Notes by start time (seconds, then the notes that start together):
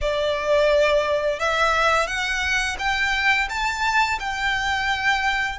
0.01 D5
1.39 E5
2.07 F#5
2.78 G5
3.49 A5
4.19 G5